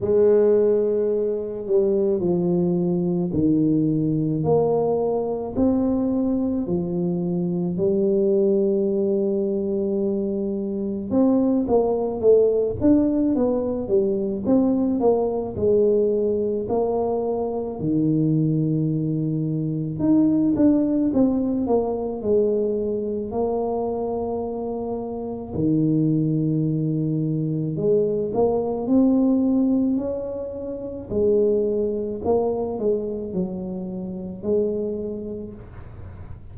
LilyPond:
\new Staff \with { instrumentName = "tuba" } { \time 4/4 \tempo 4 = 54 gis4. g8 f4 dis4 | ais4 c'4 f4 g4~ | g2 c'8 ais8 a8 d'8 | b8 g8 c'8 ais8 gis4 ais4 |
dis2 dis'8 d'8 c'8 ais8 | gis4 ais2 dis4~ | dis4 gis8 ais8 c'4 cis'4 | gis4 ais8 gis8 fis4 gis4 | }